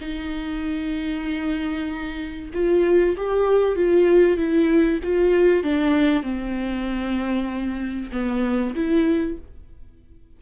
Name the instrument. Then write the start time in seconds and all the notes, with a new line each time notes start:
viola
0.00 D#4
2.53 F4
3.16 G4
3.76 F4
4.37 E4
5.03 F4
5.63 D4
6.22 C4
8.12 B3
8.74 E4